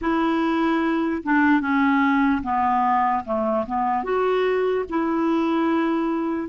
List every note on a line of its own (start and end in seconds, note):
0.01 1.22 E4
1.23 1.60 D4
1.60 2.41 C#4
2.43 3.24 B3
3.24 3.65 A3
3.66 4.03 B3
4.03 4.84 F#4
4.89 6.49 E4